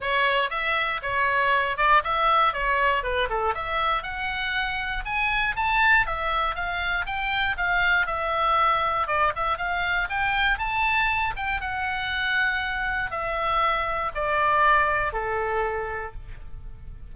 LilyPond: \new Staff \with { instrumentName = "oboe" } { \time 4/4 \tempo 4 = 119 cis''4 e''4 cis''4. d''8 | e''4 cis''4 b'8 a'8 e''4 | fis''2 gis''4 a''4 | e''4 f''4 g''4 f''4 |
e''2 d''8 e''8 f''4 | g''4 a''4. g''8 fis''4~ | fis''2 e''2 | d''2 a'2 | }